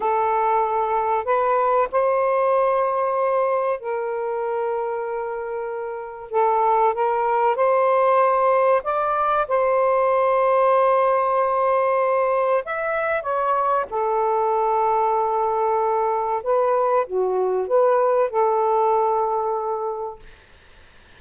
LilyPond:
\new Staff \with { instrumentName = "saxophone" } { \time 4/4 \tempo 4 = 95 a'2 b'4 c''4~ | c''2 ais'2~ | ais'2 a'4 ais'4 | c''2 d''4 c''4~ |
c''1 | e''4 cis''4 a'2~ | a'2 b'4 fis'4 | b'4 a'2. | }